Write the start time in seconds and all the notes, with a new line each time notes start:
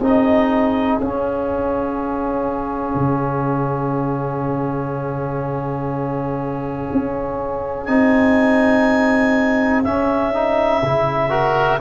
0.00 C4 D#4 G#4 D#5
0.97 C#4 F5
2.95 C#3
6.92 C#4
7.85 C4 D#4 G#5
9.83 C#4 E5
10.33 D#4
10.82 C#3 E4
11.29 F#4 A#4